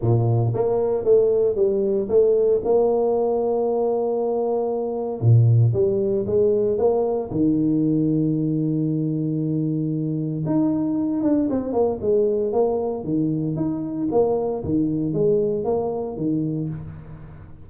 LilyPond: \new Staff \with { instrumentName = "tuba" } { \time 4/4 \tempo 4 = 115 ais,4 ais4 a4 g4 | a4 ais2.~ | ais2 ais,4 g4 | gis4 ais4 dis2~ |
dis1 | dis'4. d'8 c'8 ais8 gis4 | ais4 dis4 dis'4 ais4 | dis4 gis4 ais4 dis4 | }